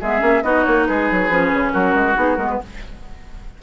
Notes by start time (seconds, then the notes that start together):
0.00 G#3 B3 G#4 E5
0.19 A#3 C#4
0.43 B3 D#4 F#4 D#5
0.64 A#3 C#5
0.86 G#3 G#4 B4
1.11 F#3
1.29 F3 C#4
1.53 C#3
1.72 F#3 F#4 A#4
1.94 G#3
2.15 B3 D#4 G#4
2.36 G#3 B3 A#4
2.50 B4